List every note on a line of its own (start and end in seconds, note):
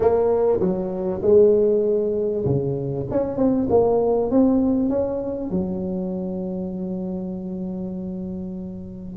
0.00 0.59 A#3
0.60 1.21 F#3
1.22 2.45 G#3
2.45 3.06 C#3
3.10 3.37 C#4
3.37 3.67 C4
3.69 4.30 A#3
4.30 4.89 C4
4.89 5.50 C#4
5.50 9.17 F#3